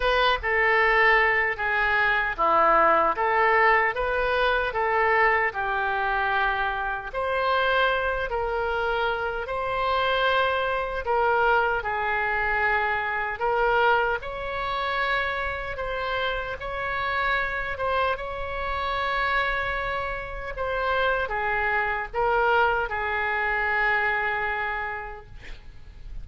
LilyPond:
\new Staff \with { instrumentName = "oboe" } { \time 4/4 \tempo 4 = 76 b'8 a'4. gis'4 e'4 | a'4 b'4 a'4 g'4~ | g'4 c''4. ais'4. | c''2 ais'4 gis'4~ |
gis'4 ais'4 cis''2 | c''4 cis''4. c''8 cis''4~ | cis''2 c''4 gis'4 | ais'4 gis'2. | }